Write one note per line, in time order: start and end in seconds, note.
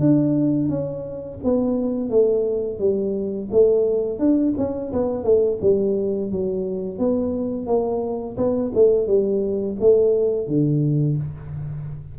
0.00 0.69 D4
0.69 1.39 C#4
1.44 2.10 B3
2.10 2.79 A3
2.79 3.49 G3
3.52 4.19 A3
4.19 4.54 D4
4.57 4.92 C#4
4.93 5.24 B3
5.24 5.59 A3
5.62 6.32 G3
6.32 6.99 F#3
6.99 7.67 B3
7.67 8.37 A#3
8.37 8.72 B3
8.75 9.07 A3
9.07 9.77 G3
9.81 10.47 A3
10.47 11.17 D3